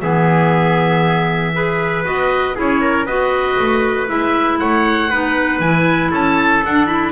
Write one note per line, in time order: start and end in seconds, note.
0.00 2.05 E3
0.00 1.54 B3
0.00 1.55 G#4
0.00 2.03 E5
1.54 2.04 G#4
1.54 2.55 B4
2.04 2.57 B3
2.04 2.54 F#4
2.04 2.56 D#5
2.54 3.06 C#4
2.54 3.05 E4
2.54 2.80 G#4
2.54 3.06 C#5
2.81 3.06 A#4
3.06 3.57 B3
3.06 4.07 F#4
3.06 4.58 B4
3.06 4.07 D#5
3.59 4.09 A3
4.07 4.60 G#3
4.07 5.09 E4
4.07 4.59 E5
4.59 5.11 A3
4.59 5.10 C#5
4.59 5.60 F#5
5.10 5.59 B3
5.10 5.62 D#4
5.10 6.10 B4
5.59 6.10 E3
5.59 6.64 E4
5.59 6.11 G#5
6.10 6.62 C#4
6.10 7.11 A4
6.10 6.65 A5
6.65 7.11 D4
6.65 6.86 D4
6.65 6.86 F#5
6.86 7.11 E4
6.86 7.11 B5